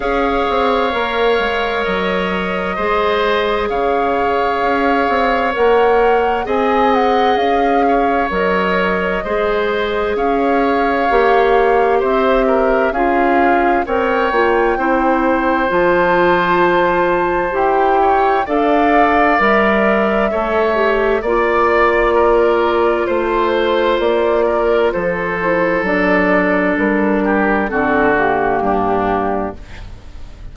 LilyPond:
<<
  \new Staff \with { instrumentName = "flute" } { \time 4/4 \tempo 4 = 65 f''2 dis''2 | f''2 fis''4 gis''8 fis''8 | f''4 dis''2 f''4~ | f''4 e''4 f''4 g''4~ |
g''4 a''2 g''4 | f''4 e''2 d''4~ | d''4 c''4 d''4 c''4 | d''4 ais'4 a'8 g'4. | }
  \new Staff \with { instrumentName = "oboe" } { \time 4/4 cis''2. c''4 | cis''2. dis''4~ | dis''8 cis''4. c''4 cis''4~ | cis''4 c''8 ais'8 gis'4 cis''4 |
c''2.~ c''8 cis''8 | d''2 cis''4 d''4 | ais'4 c''4. ais'8 a'4~ | a'4. g'8 fis'4 d'4 | }
  \new Staff \with { instrumentName = "clarinet" } { \time 4/4 gis'4 ais'2 gis'4~ | gis'2 ais'4 gis'4~ | gis'4 ais'4 gis'2 | g'2 f'4 ais'8 f'8 |
e'4 f'2 g'4 | a'4 ais'4 a'8 g'8 f'4~ | f'2.~ f'8 e'8 | d'2 c'8 ais4. | }
  \new Staff \with { instrumentName = "bassoon" } { \time 4/4 cis'8 c'8 ais8 gis8 fis4 gis4 | cis4 cis'8 c'8 ais4 c'4 | cis'4 fis4 gis4 cis'4 | ais4 c'4 cis'4 c'8 ais8 |
c'4 f2 e'4 | d'4 g4 a4 ais4~ | ais4 a4 ais4 f4 | fis4 g4 d4 g,4 | }
>>